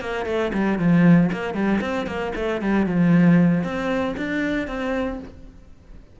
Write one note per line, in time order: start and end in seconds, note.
0.00 0.25 A#3
0.25 0.51 A3
0.53 0.78 G3
0.78 1.30 F3
1.32 1.54 A#3
1.54 1.80 G3
1.81 2.06 C4
2.06 2.32 A#3
2.35 2.61 A3
2.61 2.86 G3
2.86 3.63 F3
3.63 4.15 C4
4.17 4.67 D4
4.67 5.19 C4